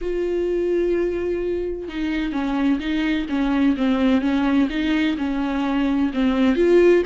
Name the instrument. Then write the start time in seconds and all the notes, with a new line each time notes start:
viola
0.01 F4
1.88 D#4
2.32 C#4
2.79 D#4
3.29 C#4
3.76 C4
4.21 C#4
4.69 D#4
5.17 C#4
6.13 C4
6.55 F4